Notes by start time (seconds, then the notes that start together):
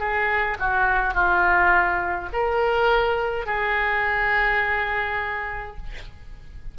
0.00 G#4
0.59 F#4
1.14 F4
2.33 A#4
3.46 G#4